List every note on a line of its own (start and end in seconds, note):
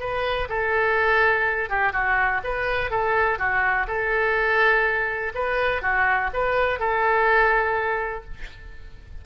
0.00 0.48 B4
0.49 1.70 A4
1.70 1.93 G4
1.93 2.41 F#4
2.44 2.91 B4
2.91 3.39 A4
3.39 3.87 F#4
3.88 5.33 A4
5.35 5.82 B4
5.82 6.30 F#4
6.34 6.80 B4
6.80 8.25 A4